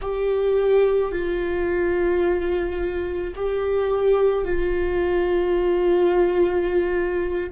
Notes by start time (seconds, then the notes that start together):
0.01 G4
1.11 F4
3.35 G4
4.44 F4